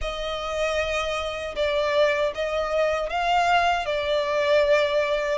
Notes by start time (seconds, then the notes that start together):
0.01 D#5
1.55 D5
2.34 D#5
3.09 F5
3.85 D5